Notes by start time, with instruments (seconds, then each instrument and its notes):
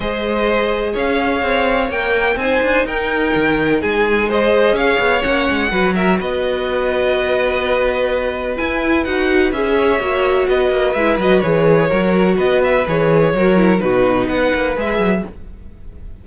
0.00 cello G#3, viola G#4, violin C5 D#5
0.92 cello C#4, violin C#5 F5
1.42 cello C4
1.89 cello A#3, viola A#4, violin G5
2.35 cello C4, viola D#4, violin C5 G#5
2.62 cello D4
2.85 cello D#4, violin A#4 G5
3.34 cello D#3
3.81 cello G#3, violin G#4 G#5
4.28 viola G#4, violin C5 D#5
4.72 cello C#4, violin C#5 F5
4.99 cello B3
5.21 cello A#3, viola C#4, violin F#5
5.50 cello G#3
5.70 cello F#3, viola F#4, violin B4
5.94 violin A#4 E5
6.19 cello B3, violin B4 D#5
8.56 viola E4, cello E4, violin G#5
9.03 cello D#4, viola F#4, violin F#5
9.52 cello C#4, viola G#4, violin E5
9.78 violin C#5
9.99 cello A#3, viola F#4
10.48 cello B3, violin B4 D#5
10.70 cello A#3
10.93 cello G#3, viola E4, violin E5
11.18 cello F#3, viola F#4, violin D#5
11.40 cello E3, viola G#4, violin C#5
11.87 cello F#3, viola F#4, violin A#4
12.36 cello B3, violin B4 D#5
12.63 violin E5
12.87 cello E3, viola G#4, violin C#5
13.33 cello F#3, viola F#4, violin A#4
13.56 viola E4
13.79 cello B2, viola D#4, violin F#4 B4
14.25 cello B3, violin B4 F#5
14.54 cello A#3
14.75 cello G#3, viola G#4, violin E5
14.98 cello F#3